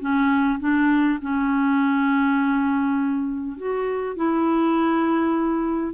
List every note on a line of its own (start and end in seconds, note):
0.00 0.59 C#4
0.60 1.19 D4
1.22 3.57 C#4
3.57 4.17 F#4
4.17 5.94 E4